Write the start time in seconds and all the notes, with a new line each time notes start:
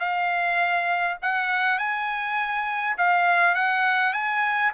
0.00 F5
1.22 F#5
1.79 G#5
2.98 F5
3.55 F#5
4.14 G#5